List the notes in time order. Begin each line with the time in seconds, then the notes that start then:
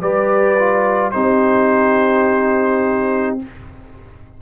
0.00 G3 G4 B4 D5
0.58 F4
1.11 C4 D#4 G4 C5